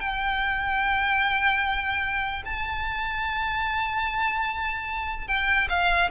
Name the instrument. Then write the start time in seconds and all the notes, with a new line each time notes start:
violin
0.00 G5
2.45 A5
5.28 G5
5.69 F5